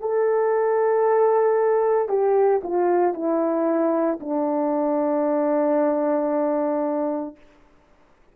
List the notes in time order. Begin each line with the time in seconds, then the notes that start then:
0.00 A4
2.08 G4
2.63 F4
3.13 E4
4.20 D4